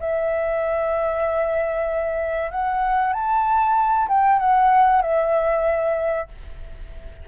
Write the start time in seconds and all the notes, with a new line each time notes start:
0.00 E5
2.51 F#5
3.13 A5
4.08 G5
4.39 F#5
5.02 E5